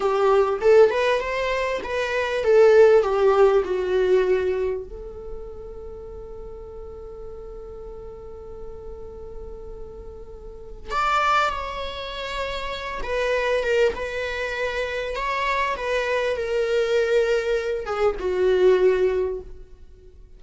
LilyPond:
\new Staff \with { instrumentName = "viola" } { \time 4/4 \tempo 4 = 99 g'4 a'8 b'8 c''4 b'4 | a'4 g'4 fis'2 | a'1~ | a'1~ |
a'2 d''4 cis''4~ | cis''4. b'4 ais'8 b'4~ | b'4 cis''4 b'4 ais'4~ | ais'4. gis'8 fis'2 | }